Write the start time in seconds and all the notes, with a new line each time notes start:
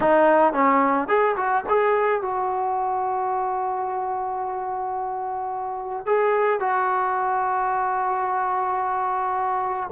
0.00 D#4
0.53 C#4
1.08 G#4
1.36 F#4
1.68 G#4
2.21 F#4
6.06 G#4
6.60 F#4